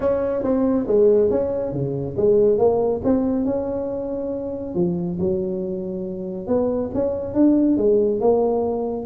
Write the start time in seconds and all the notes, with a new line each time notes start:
0.00 C#4
0.43 C4
0.87 G#3
1.30 C#4
1.72 C#3
2.17 G#3
2.58 A#3
3.04 C4
3.45 C#4
4.74 F3
5.19 F#3
6.47 B3
6.93 C#4
7.34 D4
7.77 G#3
8.20 A#3